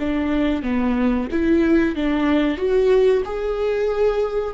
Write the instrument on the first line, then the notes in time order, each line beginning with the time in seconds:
viola
0.00 D4
0.63 B3
1.32 E4
1.96 D4
2.58 F#4
3.25 G#4